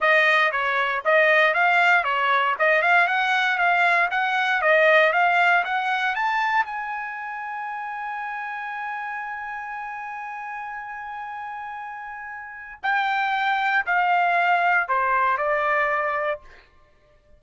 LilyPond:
\new Staff \with { instrumentName = "trumpet" } { \time 4/4 \tempo 4 = 117 dis''4 cis''4 dis''4 f''4 | cis''4 dis''8 f''8 fis''4 f''4 | fis''4 dis''4 f''4 fis''4 | a''4 gis''2.~ |
gis''1~ | gis''1~ | gis''4 g''2 f''4~ | f''4 c''4 d''2 | }